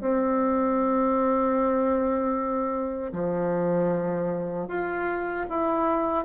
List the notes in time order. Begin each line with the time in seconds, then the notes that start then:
0.00 C4
3.12 F3
4.68 F4
5.49 E4